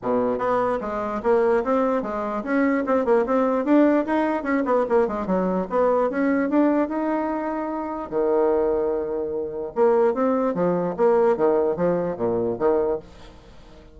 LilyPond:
\new Staff \with { instrumentName = "bassoon" } { \time 4/4 \tempo 4 = 148 b,4 b4 gis4 ais4 | c'4 gis4 cis'4 c'8 ais8 | c'4 d'4 dis'4 cis'8 b8 | ais8 gis8 fis4 b4 cis'4 |
d'4 dis'2. | dis1 | ais4 c'4 f4 ais4 | dis4 f4 ais,4 dis4 | }